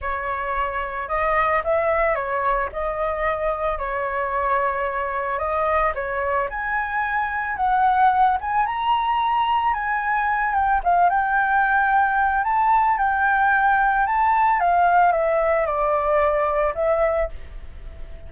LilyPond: \new Staff \with { instrumentName = "flute" } { \time 4/4 \tempo 4 = 111 cis''2 dis''4 e''4 | cis''4 dis''2 cis''4~ | cis''2 dis''4 cis''4 | gis''2 fis''4. gis''8 |
ais''2 gis''4. g''8 | f''8 g''2~ g''8 a''4 | g''2 a''4 f''4 | e''4 d''2 e''4 | }